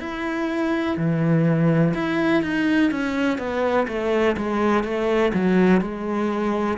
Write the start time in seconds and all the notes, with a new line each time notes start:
0.00 E4
0.97 E3
1.94 E4
2.43 D#4
2.91 C#4
3.38 B3
3.88 A3
4.37 G#3
4.84 A3
5.34 F#3
5.81 G#3